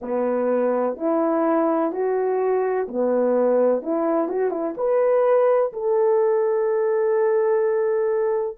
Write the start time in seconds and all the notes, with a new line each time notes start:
0.01 B3
0.96 E4
1.92 F#4
2.87 B3
3.82 E4
4.28 F#4
4.50 E4
4.77 B4
5.72 A4